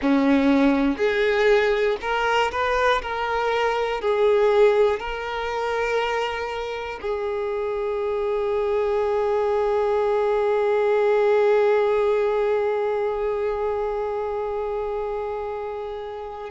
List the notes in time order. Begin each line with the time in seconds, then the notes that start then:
0.01 C#4
0.97 G#4
2.01 A#4
2.51 B4
3.02 A#4
4.01 G#4
5.00 A#4
7.00 G#4